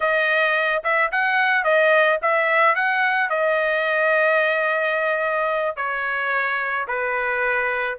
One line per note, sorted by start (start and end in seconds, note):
0.00 0.83 D#5
0.83 1.11 E5
1.11 1.64 F#5
1.64 2.19 D#5
2.22 2.75 E5
2.75 3.29 F#5
3.29 5.76 D#5
5.76 6.86 C#5
6.87 7.97 B4